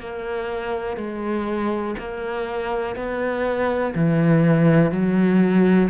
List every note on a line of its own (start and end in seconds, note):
0.00 0.97 A#3
0.97 1.95 G#3
1.98 2.96 A#3
2.96 3.94 B3
3.95 4.91 E3
4.91 5.90 F#3